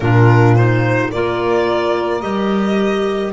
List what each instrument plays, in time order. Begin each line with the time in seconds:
0.00 double bass A#2, clarinet D4, saxophone F4, violin A#4
0.55 clarinet D#4, violin C5
1.11 double bass A#3, clarinet F4, saxophone A#4, violin D5
2.21 double bass G3, clarinet G4, violin D#5